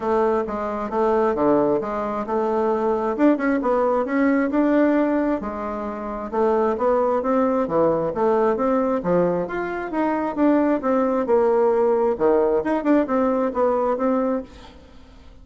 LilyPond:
\new Staff \with { instrumentName = "bassoon" } { \time 4/4 \tempo 4 = 133 a4 gis4 a4 d4 | gis4 a2 d'8 cis'8 | b4 cis'4 d'2 | gis2 a4 b4 |
c'4 e4 a4 c'4 | f4 f'4 dis'4 d'4 | c'4 ais2 dis4 | dis'8 d'8 c'4 b4 c'4 | }